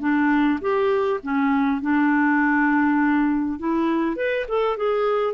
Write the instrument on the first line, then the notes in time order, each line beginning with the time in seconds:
clarinet
0.00 D4
0.61 G4
1.23 C#4
1.81 D4
3.59 E4
4.16 B4
4.48 A4
4.77 G#4